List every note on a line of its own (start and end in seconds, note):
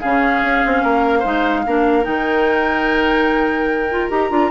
0.00 0.43 C#3
0.00 1.23 C#4
0.00 0.82 G#4
0.00 2.04 F5
0.43 0.63 C#4
0.65 0.83 C4
0.83 1.24 A#3
0.83 1.19 A#4
1.19 1.66 G#3
1.19 1.64 D#4
1.19 1.60 C5
1.66 2.06 A#3
1.66 2.03 D4
1.66 4.50 A#4
2.03 4.10 D#3
2.03 3.86 D#4
2.03 4.08 G5
3.90 4.10 F4
4.10 4.30 D#4
4.10 4.30 G4
4.10 4.50 A#5
4.30 4.50 D4
4.30 4.50 F4